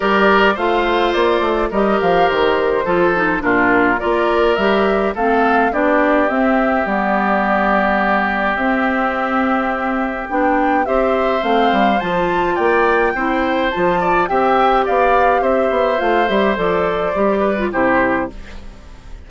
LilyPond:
<<
  \new Staff \with { instrumentName = "flute" } { \time 4/4 \tempo 4 = 105 d''4 f''4 d''4 dis''8 f''8 | c''2 ais'4 d''4 | e''4 f''4 d''4 e''4 | d''2. e''4~ |
e''2 g''4 e''4 | f''4 a''4 g''2 | a''4 g''4 f''4 e''4 | f''8 e''8 d''2 c''4 | }
  \new Staff \with { instrumentName = "oboe" } { \time 4/4 ais'4 c''2 ais'4~ | ais'4 a'4 f'4 ais'4~ | ais'4 a'4 g'2~ | g'1~ |
g'2. c''4~ | c''2 d''4 c''4~ | c''8 d''8 e''4 d''4 c''4~ | c''2~ c''8 b'8 g'4 | }
  \new Staff \with { instrumentName = "clarinet" } { \time 4/4 g'4 f'2 g'4~ | g'4 f'8 dis'8 d'4 f'4 | g'4 c'4 d'4 c'4 | b2. c'4~ |
c'2 d'4 g'4 | c'4 f'2 e'4 | f'4 g'2. | f'8 g'8 a'4 g'8. f'16 e'4 | }
  \new Staff \with { instrumentName = "bassoon" } { \time 4/4 g4 a4 ais8 a8 g8 f8 | dis4 f4 ais,4 ais4 | g4 a4 b4 c'4 | g2. c'4~ |
c'2 b4 c'4 | a8 g8 f4 ais4 c'4 | f4 c'4 b4 c'8 b8 | a8 g8 f4 g4 c4 | }
>>